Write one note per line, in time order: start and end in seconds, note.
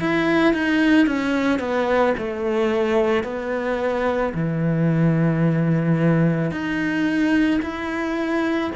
0.00 0.54 E4
0.54 1.06 D#4
1.06 1.59 C#4
1.59 2.14 B3
2.17 3.23 A3
3.23 4.32 B3
4.34 6.51 E3
6.51 7.60 D#4
7.62 8.71 E4